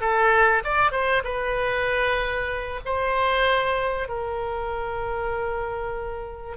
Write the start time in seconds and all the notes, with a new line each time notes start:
0.00 A4
0.64 D5
0.91 C5
1.24 B4
2.85 C5
4.08 A#4